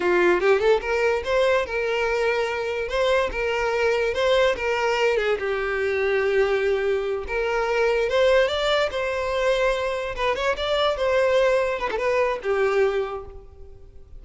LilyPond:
\new Staff \with { instrumentName = "violin" } { \time 4/4 \tempo 4 = 145 f'4 g'8 a'8 ais'4 c''4 | ais'2. c''4 | ais'2 c''4 ais'4~ | ais'8 gis'8 g'2.~ |
g'4. ais'2 c''8~ | c''8 d''4 c''2~ c''8~ | c''8 b'8 cis''8 d''4 c''4.~ | c''8 b'16 a'16 b'4 g'2 | }